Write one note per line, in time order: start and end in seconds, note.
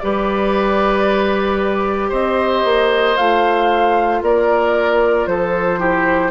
0.00 2.12 G3
0.00 3.17 G4
0.00 2.10 B4
0.00 2.11 D5
2.10 2.64 C4
2.10 4.20 C5
2.10 3.18 D#5
2.65 3.17 A#3
3.17 4.22 A3
3.17 5.80 F4
3.17 4.23 F5
4.22 5.27 A#3
4.22 5.30 A#4
4.22 5.27 D5
5.27 6.31 F3
5.27 5.80 A4
5.27 6.31 C5
5.80 6.31 E4
5.80 6.31 G4